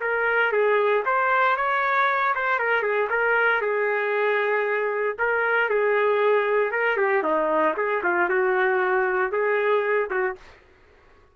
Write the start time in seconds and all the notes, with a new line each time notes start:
0.00 A#4
0.52 G#4
1.05 C5
1.56 C#5
2.35 C5
2.58 A#4
2.82 G#4
3.09 A#4
3.61 G#4
5.18 A#4
5.69 G#4
6.71 A#4
6.97 G4
7.22 D#4
7.77 G#4
8.03 F4
8.29 F#4
9.31 G#4
10.10 F#4